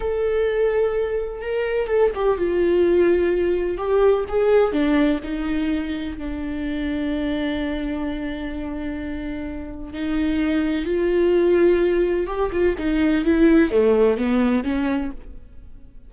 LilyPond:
\new Staff \with { instrumentName = "viola" } { \time 4/4 \tempo 4 = 127 a'2. ais'4 | a'8 g'8 f'2. | g'4 gis'4 d'4 dis'4~ | dis'4 d'2.~ |
d'1~ | d'4 dis'2 f'4~ | f'2 g'8 f'8 dis'4 | e'4 a4 b4 cis'4 | }